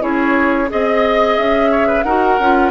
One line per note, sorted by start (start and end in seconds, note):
0.00 0.70 C#4
0.00 0.67 E4
0.00 0.70 G#4
0.00 0.70 C#5
0.69 1.38 C4
0.69 2.04 G#4
0.69 1.37 D#5
0.69 1.71 D#5
1.37 2.05 C#4
1.37 2.04 E5
1.71 1.88 C#5
1.88 2.04 B4
2.04 2.38 D#4
2.04 2.41 F#4
2.04 2.71 A#4
2.04 2.71 F#5
2.39 2.71 C#4
2.39 2.71 F4